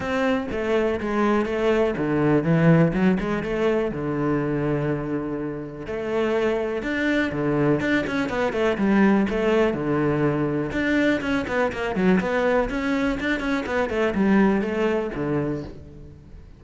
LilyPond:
\new Staff \with { instrumentName = "cello" } { \time 4/4 \tempo 4 = 123 c'4 a4 gis4 a4 | d4 e4 fis8 gis8 a4 | d1 | a2 d'4 d4 |
d'8 cis'8 b8 a8 g4 a4 | d2 d'4 cis'8 b8 | ais8 fis8 b4 cis'4 d'8 cis'8 | b8 a8 g4 a4 d4 | }